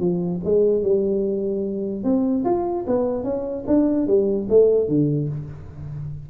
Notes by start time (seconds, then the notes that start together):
0.00 F3
0.45 G#3
0.83 G3
2.04 C4
2.45 F4
2.87 B3
3.24 C#4
3.67 D4
4.07 G3
4.49 A3
4.88 D3